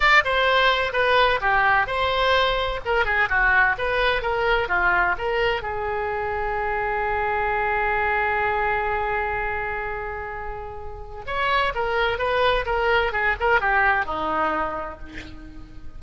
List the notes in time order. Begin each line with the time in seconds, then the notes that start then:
0.00 D5
0.24 C5
0.93 B4
1.41 G4
1.86 C5
2.85 A#4
3.05 G#4
3.29 F#4
3.78 B4
4.22 A#4
4.68 F4
5.18 A#4
5.62 G#4
11.26 C#5
11.74 A#4
12.18 B4
12.65 A#4
13.12 G#4
13.40 A#4
13.60 G4
14.05 D#4